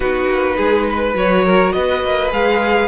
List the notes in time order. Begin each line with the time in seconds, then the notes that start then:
0.00 B3 D#4 F#4 B4
0.28 A#3
0.56 G#3 G#4
0.89 B4
1.14 F#3 F#4 C#5
1.44 A#4
1.72 B3 B4 D#5
2.03 A#3
2.30 G#3 G#4 F5